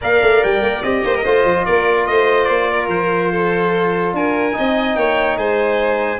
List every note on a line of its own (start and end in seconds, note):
0.01 0.21 A#3
0.01 0.83 A#4
0.01 1.04 D5
0.01 0.43 F5
0.21 0.42 A3
0.43 0.61 G3
0.43 0.82 G5
0.61 0.82 A#3
0.82 1.03 C4
0.82 1.24 G4
0.82 1.65 D#5
1.04 1.24 A#3
1.04 1.15 C5
1.15 1.23 A#4
1.23 1.44 A3
1.23 4.52 F4
1.23 1.65 C5
1.44 1.65 F3
1.65 2.08 A#3
1.65 2.06 A#4
1.65 2.06 D5
2.06 2.49 A3
2.06 2.70 C5
2.06 2.44 D#5
2.44 2.88 A#3
2.44 2.86 D5
2.70 3.31 A#4
2.88 4.12 F3
2.88 4.14 C5
3.31 4.14 A4
4.13 4.54 D4
4.13 4.57 A#4
4.13 4.95 G#5
4.52 4.96 C4
4.52 6.18 D#4
4.52 4.97 D#5
4.95 5.36 A#3
4.95 5.38 C#5
4.95 5.36 G5
5.36 6.19 G#3
5.36 6.19 C5
5.36 6.19 G#5